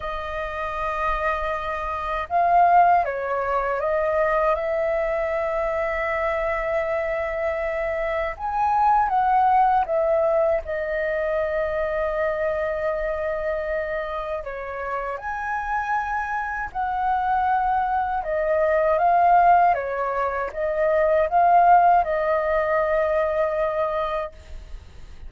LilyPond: \new Staff \with { instrumentName = "flute" } { \time 4/4 \tempo 4 = 79 dis''2. f''4 | cis''4 dis''4 e''2~ | e''2. gis''4 | fis''4 e''4 dis''2~ |
dis''2. cis''4 | gis''2 fis''2 | dis''4 f''4 cis''4 dis''4 | f''4 dis''2. | }